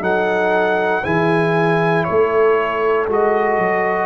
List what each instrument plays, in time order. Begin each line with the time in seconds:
0.00 tuba F#3, trombone D#4, horn A4, trumpet F#5
1.03 tuba E3, trombone E4, horn G#4, trumpet G#5
2.04 horn A4, trumpet C#5
2.10 tuba A3
3.08 tuba G#3, trombone F#4, trumpet D#5
3.58 tuba F#3